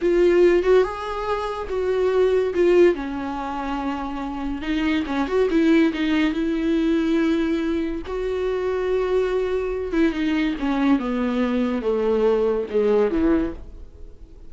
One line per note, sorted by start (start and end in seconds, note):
0.01 0.63 F4
0.63 0.83 F#4
0.83 1.67 G#4
1.69 2.53 F#4
2.54 2.94 F4
2.94 4.61 C#4
4.61 5.03 D#4
5.06 5.27 C#4
5.27 5.48 F#4
5.50 5.92 E4
5.93 6.33 D#4
6.33 8.02 E4
8.06 9.92 F#4
9.92 10.12 E4
10.12 10.54 D#4
10.59 10.99 C#4
10.99 11.81 B3
11.81 12.66 A3
12.70 13.10 G#3
13.10 13.53 E3